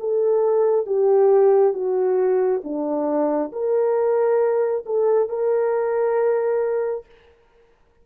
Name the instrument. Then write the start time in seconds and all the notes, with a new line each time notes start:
horn
0.00 A4
0.86 G4
1.73 F#4
2.64 D4
3.52 A#4
4.86 A4
5.29 A#4